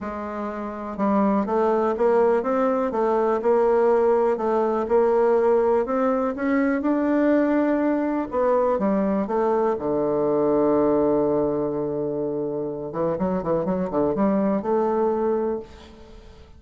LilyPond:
\new Staff \with { instrumentName = "bassoon" } { \time 4/4 \tempo 4 = 123 gis2 g4 a4 | ais4 c'4 a4 ais4~ | ais4 a4 ais2 | c'4 cis'4 d'2~ |
d'4 b4 g4 a4 | d1~ | d2~ d8 e8 fis8 e8 | fis8 d8 g4 a2 | }